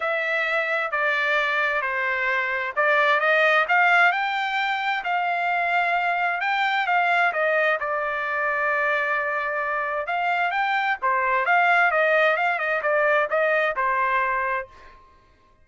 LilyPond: \new Staff \with { instrumentName = "trumpet" } { \time 4/4 \tempo 4 = 131 e''2 d''2 | c''2 d''4 dis''4 | f''4 g''2 f''4~ | f''2 g''4 f''4 |
dis''4 d''2.~ | d''2 f''4 g''4 | c''4 f''4 dis''4 f''8 dis''8 | d''4 dis''4 c''2 | }